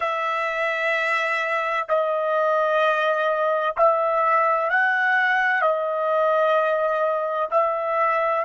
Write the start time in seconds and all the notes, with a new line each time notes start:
0.00 E5
1.88 D#5
3.77 E5
4.70 F#5
5.61 D#5
7.50 E5